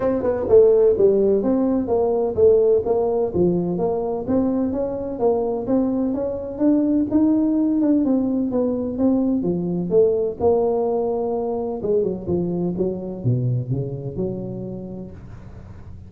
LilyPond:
\new Staff \with { instrumentName = "tuba" } { \time 4/4 \tempo 4 = 127 c'8 b8 a4 g4 c'4 | ais4 a4 ais4 f4 | ais4 c'4 cis'4 ais4 | c'4 cis'4 d'4 dis'4~ |
dis'8 d'8 c'4 b4 c'4 | f4 a4 ais2~ | ais4 gis8 fis8 f4 fis4 | b,4 cis4 fis2 | }